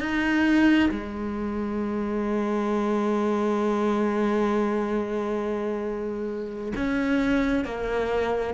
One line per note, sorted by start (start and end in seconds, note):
0.00 0.90 D#4
0.91 6.73 G#3
6.76 7.65 C#4
7.65 8.54 A#3